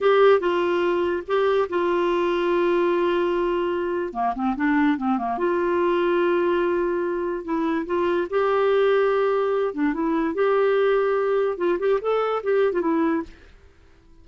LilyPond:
\new Staff \with { instrumentName = "clarinet" } { \time 4/4 \tempo 4 = 145 g'4 f'2 g'4 | f'1~ | f'2 ais8 c'8 d'4 | c'8 ais8 f'2.~ |
f'2 e'4 f'4 | g'2.~ g'8 d'8 | e'4 g'2. | f'8 g'8 a'4 g'8. f'16 e'4 | }